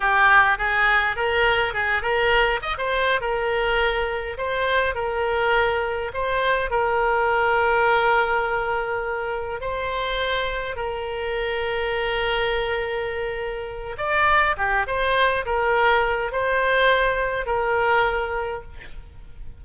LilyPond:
\new Staff \with { instrumentName = "oboe" } { \time 4/4 \tempo 4 = 103 g'4 gis'4 ais'4 gis'8 ais'8~ | ais'8 dis''16 c''8. ais'2 c''8~ | c''8 ais'2 c''4 ais'8~ | ais'1~ |
ais'8 c''2 ais'4.~ | ais'1 | d''4 g'8 c''4 ais'4. | c''2 ais'2 | }